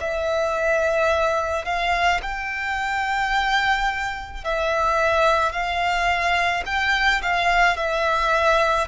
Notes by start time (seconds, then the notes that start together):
0.00 E5
1.65 F5
2.22 G5
4.44 E5
5.52 F5
6.66 G5
7.22 F5
7.77 E5